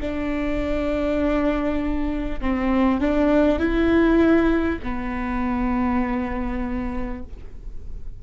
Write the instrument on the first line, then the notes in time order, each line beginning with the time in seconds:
viola
0.00 D4
2.41 C4
3.00 D4
3.59 E4
4.83 B3